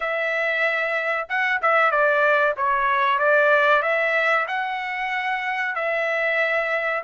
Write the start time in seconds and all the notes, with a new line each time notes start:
0.00 E5
1.29 F#5
1.61 E5
1.91 D5
2.56 C#5
3.18 D5
3.82 E5
4.47 F#5
5.75 E5